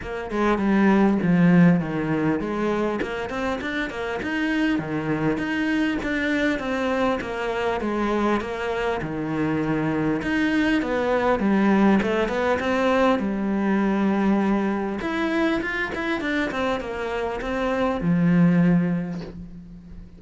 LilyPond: \new Staff \with { instrumentName = "cello" } { \time 4/4 \tempo 4 = 100 ais8 gis8 g4 f4 dis4 | gis4 ais8 c'8 d'8 ais8 dis'4 | dis4 dis'4 d'4 c'4 | ais4 gis4 ais4 dis4~ |
dis4 dis'4 b4 g4 | a8 b8 c'4 g2~ | g4 e'4 f'8 e'8 d'8 c'8 | ais4 c'4 f2 | }